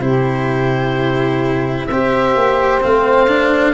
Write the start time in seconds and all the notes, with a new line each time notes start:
0.00 C3 E4 G4 C5
1.87 C4 G4 C5 E5
2.36 A#3
2.81 A3 C4 F5
3.28 D4